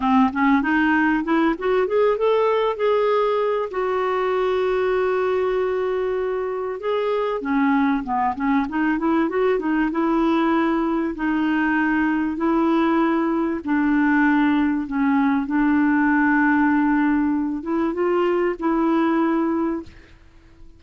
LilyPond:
\new Staff \with { instrumentName = "clarinet" } { \time 4/4 \tempo 4 = 97 c'8 cis'8 dis'4 e'8 fis'8 gis'8 a'8~ | a'8 gis'4. fis'2~ | fis'2. gis'4 | cis'4 b8 cis'8 dis'8 e'8 fis'8 dis'8 |
e'2 dis'2 | e'2 d'2 | cis'4 d'2.~ | d'8 e'8 f'4 e'2 | }